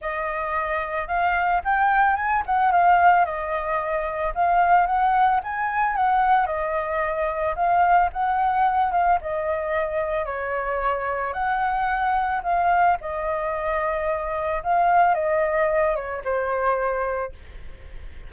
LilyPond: \new Staff \with { instrumentName = "flute" } { \time 4/4 \tempo 4 = 111 dis''2 f''4 g''4 | gis''8 fis''8 f''4 dis''2 | f''4 fis''4 gis''4 fis''4 | dis''2 f''4 fis''4~ |
fis''8 f''8 dis''2 cis''4~ | cis''4 fis''2 f''4 | dis''2. f''4 | dis''4. cis''8 c''2 | }